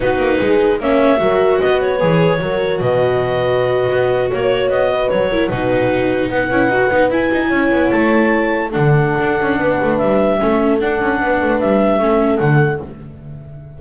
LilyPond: <<
  \new Staff \with { instrumentName = "clarinet" } { \time 4/4 \tempo 4 = 150 b'2 e''2 | dis''8 cis''2~ cis''8 dis''4~ | dis''2~ dis''8. cis''4 dis''16~ | dis''8. cis''4 b'2 fis''16~ |
fis''4.~ fis''16 gis''2 a''16~ | a''4.~ a''16 fis''2~ fis''16~ | fis''4 e''2 fis''4~ | fis''4 e''2 fis''4 | }
  \new Staff \with { instrumentName = "horn" } { \time 4/4 fis'4 gis'4 cis''4 ais'4 | b'2 ais'4 b'4~ | b'2~ b'8. cis''4~ cis''16~ | cis''16 b'4 ais'8 fis'2 b'16~ |
b'2~ b'8. cis''4~ cis''16~ | cis''4.~ cis''16 a'2~ a'16 | b'2 a'2 | b'2 a'2 | }
  \new Staff \with { instrumentName = "viola" } { \time 4/4 dis'2 cis'4 fis'4~ | fis'4 gis'4 fis'2~ | fis'1~ | fis'4~ fis'16 e'8 dis'2~ dis'16~ |
dis'16 e'8 fis'8 dis'8 e'2~ e'16~ | e'4.~ e'16 d'2~ d'16~ | d'2 cis'4 d'4~ | d'2 cis'4 a4 | }
  \new Staff \with { instrumentName = "double bass" } { \time 4/4 b8 ais8 gis4 ais4 fis4 | b4 e4 fis4 b,4~ | b,4.~ b,16 b4 ais4 b16~ | b8. fis4 b,2 b16~ |
b16 cis'8 dis'8 b8 e'8 dis'8 cis'8 b8 a16~ | a2 d4 d'8 cis'8 | b8 a8 g4 a4 d'8 cis'8 | b8 a8 g4 a4 d4 | }
>>